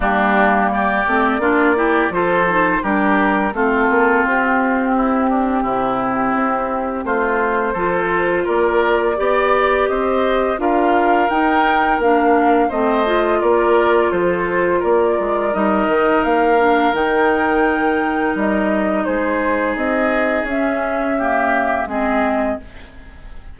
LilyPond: <<
  \new Staff \with { instrumentName = "flute" } { \time 4/4 \tempo 4 = 85 g'4 d''2 c''4 | ais'4 a'4 g'2~ | g'2 c''2 | d''2 dis''4 f''4 |
g''4 f''4 dis''4 d''4 | c''4 d''4 dis''4 f''4 | g''2 dis''4 c''4 | dis''4 e''2 dis''4 | }
  \new Staff \with { instrumentName = "oboe" } { \time 4/4 d'4 g'4 f'8 g'8 a'4 | g'4 f'2 e'8 d'8 | e'2 f'4 a'4 | ais'4 d''4 c''4 ais'4~ |
ais'2 c''4 ais'4 | a'4 ais'2.~ | ais'2. gis'4~ | gis'2 g'4 gis'4 | }
  \new Staff \with { instrumentName = "clarinet" } { \time 4/4 ais4. c'8 d'8 e'8 f'8 dis'8 | d'4 c'2.~ | c'2. f'4~ | f'4 g'2 f'4 |
dis'4 d'4 c'8 f'4.~ | f'2 dis'4. d'8 | dis'1~ | dis'4 cis'4 ais4 c'4 | }
  \new Staff \with { instrumentName = "bassoon" } { \time 4/4 g4. a8 ais4 f4 | g4 a8 ais8 c'2 | c4 c'4 a4 f4 | ais4 b4 c'4 d'4 |
dis'4 ais4 a4 ais4 | f4 ais8 gis8 g8 dis8 ais4 | dis2 g4 gis4 | c'4 cis'2 gis4 | }
>>